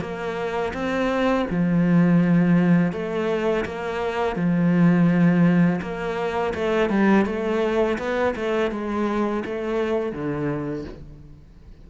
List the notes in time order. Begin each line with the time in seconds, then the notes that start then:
0.00 A#3
0.73 C4
1.50 F3
2.92 A3
3.65 A#3
4.35 F3
5.81 A#3
6.54 A3
6.89 G3
7.26 A3
7.98 B3
8.36 A3
8.71 G#3
9.45 A3
10.12 D3